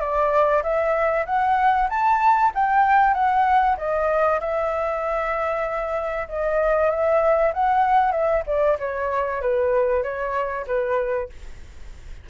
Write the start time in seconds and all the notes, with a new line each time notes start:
0.00 D5
0.63 E5
1.26 F#5
1.89 A5
2.55 G5
3.14 F#5
3.77 D#5
4.40 E5
6.28 D#5
6.90 E5
7.53 F#5
8.12 E5
8.47 D5
8.79 C#5
9.41 B4
10.03 C#5
10.67 B4